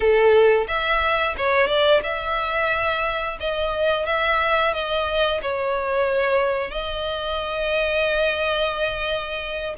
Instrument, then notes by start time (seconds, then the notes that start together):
violin
0.00 A4
0.67 E5
1.37 C#5
1.67 D5
2.03 E5
3.40 D#5
4.06 E5
4.73 D#5
5.41 C#5
6.70 D#5